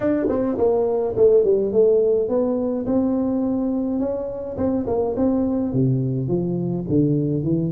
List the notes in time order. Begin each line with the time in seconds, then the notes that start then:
0.00 D4
0.28 C4
0.57 A#3
1.16 A3
1.44 G3
1.72 A3
2.28 B3
2.86 C4
3.99 C#4
4.57 C4
4.86 A#3
5.16 C4
5.72 C3
6.28 F3
6.89 D3
7.43 E3